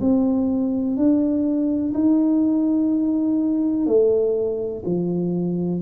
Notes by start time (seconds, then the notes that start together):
0.00 C4
0.96 D4
1.94 D#4
3.86 A3
4.85 F3